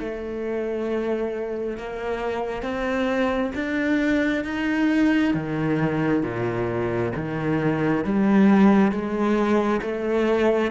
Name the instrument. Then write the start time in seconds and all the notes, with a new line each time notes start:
cello
0.00 A3
1.78 A#3
2.63 C4
3.55 D4
4.45 D#4
5.34 D#3
6.24 A#2
7.16 D#3
8.05 G3
8.92 G#3
9.82 A3